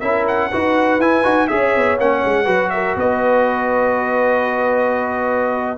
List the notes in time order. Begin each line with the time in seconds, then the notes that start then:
0.00 C#4 E4 A#4 E5
0.28 F#5
0.51 D#4 F#4 B4
0.98 E4 G#5
1.24 D#4 F#4
1.48 C#4 G#4 C#5 E5
1.76 B3
1.98 A#3 C#4 F#5
2.25 G#3
2.45 F#3 F#4 B4
2.70 A#4 E5
2.96 B3 B4 D#5